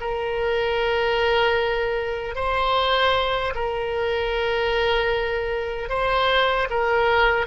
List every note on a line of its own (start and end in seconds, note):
0.00 2.35 A#4
2.35 3.53 C5
3.55 5.89 A#4
5.89 6.68 C5
6.70 7.46 A#4